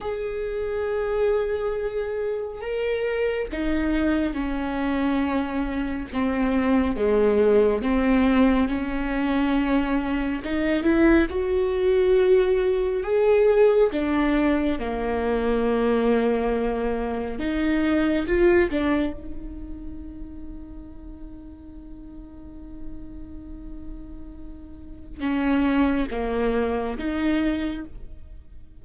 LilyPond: \new Staff \with { instrumentName = "viola" } { \time 4/4 \tempo 4 = 69 gis'2. ais'4 | dis'4 cis'2 c'4 | gis4 c'4 cis'2 | dis'8 e'8 fis'2 gis'4 |
d'4 ais2. | dis'4 f'8 d'8 dis'2~ | dis'1~ | dis'4 cis'4 ais4 dis'4 | }